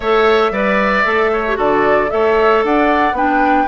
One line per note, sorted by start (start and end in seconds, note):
0.00 0.50 A3
0.00 0.52 A4
0.00 0.52 C#5
0.00 1.58 E5
0.50 1.03 G3
0.50 1.05 B4
0.50 1.31 D5
1.05 1.57 A3
1.05 1.44 A4
1.32 1.57 C#5
1.47 1.55 G4
1.55 2.10 D3
1.55 2.07 F#4
1.55 2.10 A4
1.55 2.10 D5
2.09 2.63 A3
2.09 3.14 A4
2.09 2.65 C#5
2.09 2.62 E5
2.63 3.12 D4
2.63 3.16 D5
2.63 3.16 F#5
3.12 3.65 B3
3.12 3.67 D4
3.12 3.67 B4
3.12 3.67 G5